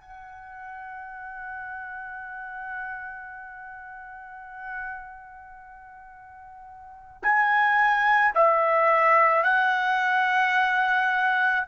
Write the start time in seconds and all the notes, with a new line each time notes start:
0.00 F#5
7.23 G#5
8.35 E5
9.43 F#5